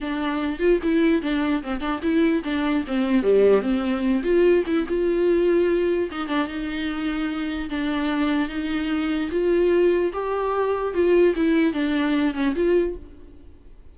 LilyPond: \new Staff \with { instrumentName = "viola" } { \time 4/4 \tempo 4 = 148 d'4. f'8 e'4 d'4 | c'8 d'8 e'4 d'4 c'4 | g4 c'4. f'4 e'8 | f'2. dis'8 d'8 |
dis'2. d'4~ | d'4 dis'2 f'4~ | f'4 g'2 f'4 | e'4 d'4. cis'8 f'4 | }